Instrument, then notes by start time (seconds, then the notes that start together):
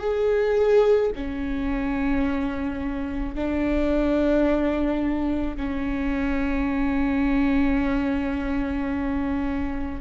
viola
0.00 G#4
1.16 C#4
3.35 D4
5.57 C#4